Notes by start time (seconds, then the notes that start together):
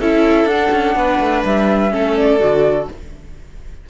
0.00 C#4 E4 A4 E5
0.45 D4 F#5
0.51 D4
0.72 C#4
0.96 B3 B4
1.20 A3
1.45 G3 E5
1.90 A3 C#4 A4
2.17 D5
2.40 D3 F#4